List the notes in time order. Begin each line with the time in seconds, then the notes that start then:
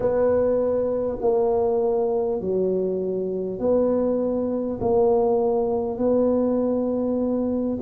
0.00 B3
1.21 A#3
2.40 F#3
3.59 B3
4.80 A#3
5.98 B3